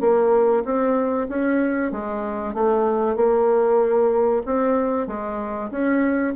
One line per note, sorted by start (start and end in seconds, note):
0.00 0.63 A#3
0.65 1.28 C4
1.28 1.91 C#4
1.91 2.53 G#3
2.53 3.16 A3
3.16 4.42 A#3
4.45 5.07 C4
5.07 5.70 G#3
5.70 6.34 C#4